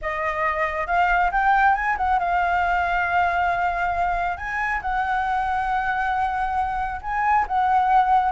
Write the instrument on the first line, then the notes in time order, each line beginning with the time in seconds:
flute
0.01 D#5
0.87 F5
1.31 G5
1.74 G#5
1.97 F#5
2.19 F5
4.37 G#5
4.81 F#5
7.01 G#5
7.47 F#5